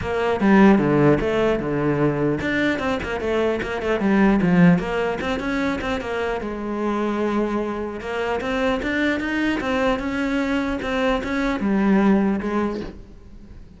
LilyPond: \new Staff \with { instrumentName = "cello" } { \time 4/4 \tempo 4 = 150 ais4 g4 d4 a4 | d2 d'4 c'8 ais8 | a4 ais8 a8 g4 f4 | ais4 c'8 cis'4 c'8 ais4 |
gis1 | ais4 c'4 d'4 dis'4 | c'4 cis'2 c'4 | cis'4 g2 gis4 | }